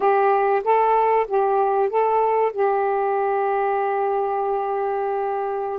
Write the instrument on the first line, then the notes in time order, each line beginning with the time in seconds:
saxophone
0.00 G4
0.63 A4
1.27 G4
1.89 A4
2.52 G4